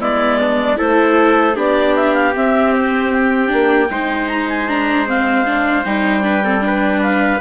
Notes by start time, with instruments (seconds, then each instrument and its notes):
0.00 bassoon G#3, viola B3, trumpet E4, clarinet D5
0.41 trumpet D4
0.76 bassoon A3, viola E4, trumpet A4, clarinet C5
1.55 bassoon B3, viola D4, trumpet G4, clarinet D5
1.95 clarinet E5
2.14 clarinet F5
2.34 viola C4, bassoon C4, clarinet E5
2.73 clarinet C5
3.12 clarinet G5
3.47 bassoon A#3, viola D4
3.90 bassoon G#3, viola D#4, trumpet C5
4.28 clarinet A#5
4.48 clarinet G#5
4.68 viola D4, clarinet A#5
5.06 viola C4, clarinet F5
5.45 viola D4
5.84 bassoon G3, viola D#4, clarinet G5
6.22 viola D4, trumpet B4
6.44 viola C4, trumpet A4
6.60 viola D4, trumpet B4
7.02 clarinet F5